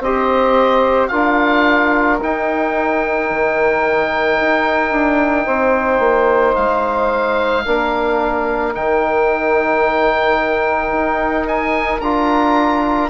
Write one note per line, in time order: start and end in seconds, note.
0.00 1.09 C4
0.00 1.10 G4
0.00 1.10 C5
0.00 1.08 D#5
1.08 2.21 D4
1.08 2.20 F4
1.08 5.45 A#4
1.08 2.17 F5
2.21 7.65 D#4
2.21 3.30 D#4
2.21 6.55 G5
3.30 4.39 D#3
4.40 4.91 D#4
4.91 5.46 D4
5.45 5.99 C4
5.45 7.64 C5
5.99 6.54 A#3
6.55 7.66 G#3
6.55 8.74 F5
7.65 8.76 A#3
7.65 8.74 D4
7.65 13.10 A#4
8.74 10.92 D#3
8.74 12.01 D#4
8.74 11.47 G5
10.92 12.01 D#4
11.47 12.00 G#5
12.00 13.10 D4
12.00 13.10 F4
12.00 13.10 A#5